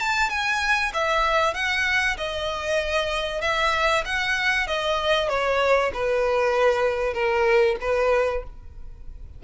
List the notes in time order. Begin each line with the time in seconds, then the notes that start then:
0.00 A5
0.30 G#5
0.94 E5
1.54 F#5
2.17 D#5
3.41 E5
4.05 F#5
4.67 D#5
5.29 C#5
5.93 B4
7.14 A#4
7.81 B4